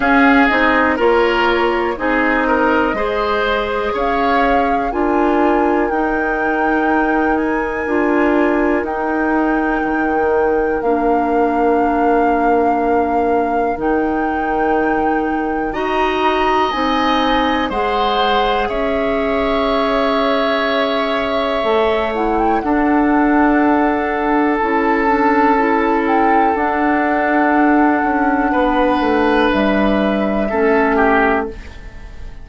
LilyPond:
<<
  \new Staff \with { instrumentName = "flute" } { \time 4/4 \tempo 4 = 61 f''8 dis''8 cis''4 dis''2 | f''4 gis''4 g''4. gis''8~ | gis''4 g''2 f''4~ | f''2 g''2 |
ais''4 gis''4 fis''4 e''4~ | e''2~ e''8 fis''16 g''16 fis''4~ | fis''4 a''4. g''8 fis''4~ | fis''2 e''2 | }
  \new Staff \with { instrumentName = "oboe" } { \time 4/4 gis'4 ais'4 gis'8 ais'8 c''4 | cis''4 ais'2.~ | ais'1~ | ais'1 |
dis''2 c''4 cis''4~ | cis''2. a'4~ | a'1~ | a'4 b'2 a'8 g'8 | }
  \new Staff \with { instrumentName = "clarinet" } { \time 4/4 cis'8 dis'8 f'4 dis'4 gis'4~ | gis'4 f'4 dis'2 | f'4 dis'2 d'4~ | d'2 dis'2 |
fis'4 dis'4 gis'2~ | gis'2 a'8 e'8 d'4~ | d'4 e'8 d'8 e'4 d'4~ | d'2. cis'4 | }
  \new Staff \with { instrumentName = "bassoon" } { \time 4/4 cis'8 c'8 ais4 c'4 gis4 | cis'4 d'4 dis'2 | d'4 dis'4 dis4 ais4~ | ais2 dis2 |
dis'4 c'4 gis4 cis'4~ | cis'2 a4 d'4~ | d'4 cis'2 d'4~ | d'8 cis'8 b8 a8 g4 a4 | }
>>